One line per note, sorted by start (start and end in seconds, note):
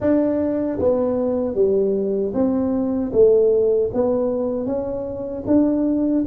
0.00 0.78 D4
0.79 1.54 B3
1.54 2.32 G3
2.34 3.12 C4
3.12 3.90 A3
3.93 4.65 B3
4.65 5.43 C#4
5.46 6.24 D4